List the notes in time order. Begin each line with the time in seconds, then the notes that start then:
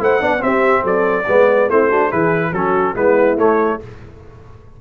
0.00 A3 E4 C5 F#5
0.21 B3 D4 D5
0.38 C4 G4 E5
0.83 F#3 A4 D5
1.28 G#3 B3 B4
1.69 A3 C4 E4 C5
1.89 D4 F#4
2.08 E3 E4 G#4 B4
2.52 F#3 C#4 F#4 A4
2.95 G#3 B3 E4 B4
3.37 A3 C#5